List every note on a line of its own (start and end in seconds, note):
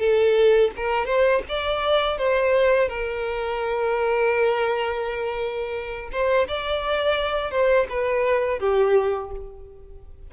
0.00 0.71 A4
0.77 1.06 A#4
1.06 1.42 C5
1.49 2.18 D5
2.18 2.89 C5
2.89 6.10 A#4
6.12 6.48 C5
6.48 7.51 D5
7.51 7.87 C5
7.90 8.60 B4
8.60 9.31 G4